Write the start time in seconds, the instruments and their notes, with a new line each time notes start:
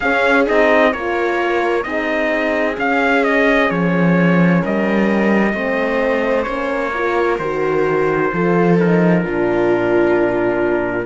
0.00 cello C#4, horn C#4, viola G#4, trumpet F5
0.46 cello C4, horn D#4, trumpet D#5
0.92 cello A#3, horn F4, viola A#4, trumpet C#5
1.83 cello C4, horn D#4, viola G#4, trumpet D#5
2.76 horn C#4, cello C#4, trumpet F5
3.24 trumpet D#5
3.70 cello F3, trumpet C#5
4.61 cello G3, viola A#4, trumpet D#5
5.53 cello A3, horn C4, viola C5
6.42 cello A#3, horn C#4, trumpet C#5
6.93 horn F4, viola A#4
7.38 cello D#3, horn F#4, trumpet C5
8.33 cello F3, horn F4, viola A4
8.78 horn D#4, trumpet A#4
9.22 cello A#2, horn D4, viola F4